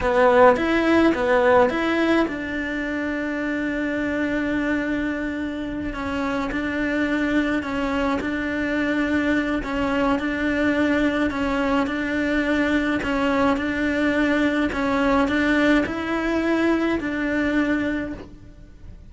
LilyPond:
\new Staff \with { instrumentName = "cello" } { \time 4/4 \tempo 4 = 106 b4 e'4 b4 e'4 | d'1~ | d'2~ d'8 cis'4 d'8~ | d'4. cis'4 d'4.~ |
d'4 cis'4 d'2 | cis'4 d'2 cis'4 | d'2 cis'4 d'4 | e'2 d'2 | }